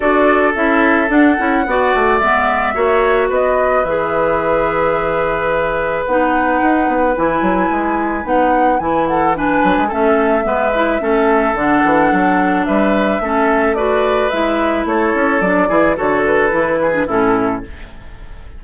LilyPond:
<<
  \new Staff \with { instrumentName = "flute" } { \time 4/4 \tempo 4 = 109 d''4 e''4 fis''2 | e''2 dis''4 e''4~ | e''2. fis''4~ | fis''4 gis''2 fis''4 |
gis''8 fis''8 gis''4 e''2~ | e''4 fis''2 e''4~ | e''4 d''4 e''4 cis''4 | d''4 cis''8 b'4. a'4 | }
  \new Staff \with { instrumentName = "oboe" } { \time 4/4 a'2. d''4~ | d''4 cis''4 b'2~ | b'1~ | b'1~ |
b'8 a'8 b'4 a'4 b'4 | a'2. b'4 | a'4 b'2 a'4~ | a'8 gis'8 a'4. gis'8 e'4 | }
  \new Staff \with { instrumentName = "clarinet" } { \time 4/4 fis'4 e'4 d'8 e'8 fis'4 | b4 fis'2 gis'4~ | gis'2. dis'4~ | dis'4 e'2 dis'4 |
e'4 d'4 cis'4 b8 e'8 | cis'4 d'2. | cis'4 fis'4 e'2 | d'8 e'8 fis'4 e'8. d'16 cis'4 | }
  \new Staff \with { instrumentName = "bassoon" } { \time 4/4 d'4 cis'4 d'8 cis'8 b8 a8 | gis4 ais4 b4 e4~ | e2. b4 | dis'8 b8 e8 fis8 gis4 b4 |
e4. fis16 gis16 a4 gis4 | a4 d8 e8 fis4 g4 | a2 gis4 a8 cis'8 | fis8 e8 d4 e4 a,4 | }
>>